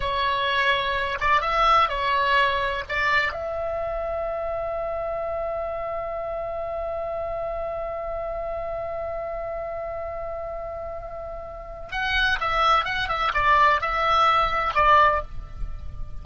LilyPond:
\new Staff \with { instrumentName = "oboe" } { \time 4/4 \tempo 4 = 126 cis''2~ cis''8 d''8 e''4 | cis''2 d''4 e''4~ | e''1~ | e''1~ |
e''1~ | e''1~ | e''4 fis''4 e''4 fis''8 e''8 | d''4 e''2 d''4 | }